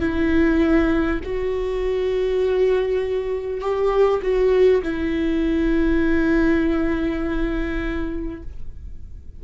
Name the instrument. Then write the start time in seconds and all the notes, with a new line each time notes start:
viola
0.00 E4
1.23 F#4
3.61 G4
4.22 F#4
4.83 E4